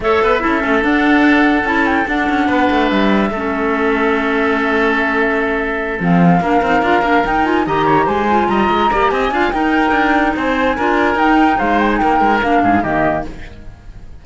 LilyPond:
<<
  \new Staff \with { instrumentName = "flute" } { \time 4/4 \tempo 4 = 145 e''2 fis''2 | a''8 g''8 fis''2 e''4~ | e''1~ | e''2~ e''8 f''4.~ |
f''4. g''8 gis''8 ais''4 gis''8~ | gis''8 ais''4. gis''4 g''4~ | g''4 gis''2 g''4 | f''8 g''16 gis''16 g''4 f''4 dis''4 | }
  \new Staff \with { instrumentName = "oboe" } { \time 4/4 cis''8 b'8 a'2.~ | a'2 b'2 | a'1~ | a'2.~ a'8 ais'8~ |
ais'2~ ais'8 dis''8 cis''8 c''8~ | c''8 dis''4 d''8 dis''8 f''8 ais'4~ | ais'4 c''4 ais'2 | c''4 ais'4. gis'8 g'4 | }
  \new Staff \with { instrumentName = "clarinet" } { \time 4/4 a'4 e'8 cis'8 d'2 | e'4 d'2. | cis'1~ | cis'2~ cis'8 c'4 d'8 |
dis'8 f'8 d'8 dis'8 f'8 g'4. | f'4. g'4 f'8 dis'4~ | dis'2 f'4 dis'4~ | dis'2 d'4 ais4 | }
  \new Staff \with { instrumentName = "cello" } { \time 4/4 a8 b8 cis'8 a8 d'2 | cis'4 d'8 cis'8 b8 a8 g4 | a1~ | a2~ a8 f4 ais8 |
c'8 d'8 ais8 dis'4 dis4 gis8~ | gis8 g8 gis8 ais8 c'8 d'8 dis'4 | d'4 c'4 d'4 dis'4 | gis4 ais8 gis8 ais8 gis,8 dis4 | }
>>